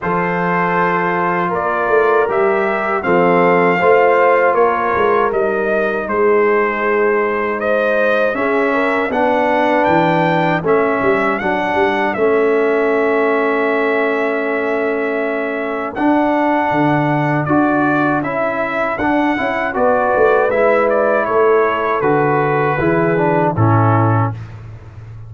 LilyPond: <<
  \new Staff \with { instrumentName = "trumpet" } { \time 4/4 \tempo 4 = 79 c''2 d''4 e''4 | f''2 cis''4 dis''4 | c''2 dis''4 e''4 | fis''4 g''4 e''4 fis''4 |
e''1~ | e''4 fis''2 d''4 | e''4 fis''4 d''4 e''8 d''8 | cis''4 b'2 a'4 | }
  \new Staff \with { instrumentName = "horn" } { \time 4/4 a'2 ais'2 | a'4 c''4 ais'2 | gis'2 c''4 gis'8 ais'8 | b'2 a'2~ |
a'1~ | a'1~ | a'2 b'2 | a'2 gis'4 e'4 | }
  \new Staff \with { instrumentName = "trombone" } { \time 4/4 f'2. g'4 | c'4 f'2 dis'4~ | dis'2. cis'4 | d'2 cis'4 d'4 |
cis'1~ | cis'4 d'2 fis'4 | e'4 d'8 e'8 fis'4 e'4~ | e'4 fis'4 e'8 d'8 cis'4 | }
  \new Staff \with { instrumentName = "tuba" } { \time 4/4 f2 ais8 a8 g4 | f4 a4 ais8 gis8 g4 | gis2. cis'4 | b4 e4 a8 g8 fis8 g8 |
a1~ | a4 d'4 d4 d'4 | cis'4 d'8 cis'8 b8 a8 gis4 | a4 d4 e4 a,4 | }
>>